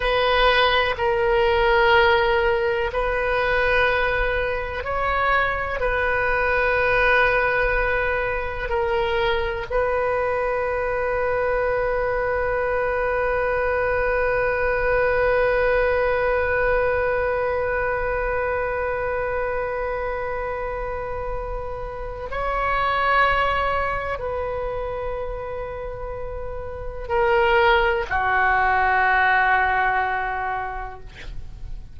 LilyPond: \new Staff \with { instrumentName = "oboe" } { \time 4/4 \tempo 4 = 62 b'4 ais'2 b'4~ | b'4 cis''4 b'2~ | b'4 ais'4 b'2~ | b'1~ |
b'1~ | b'2. cis''4~ | cis''4 b'2. | ais'4 fis'2. | }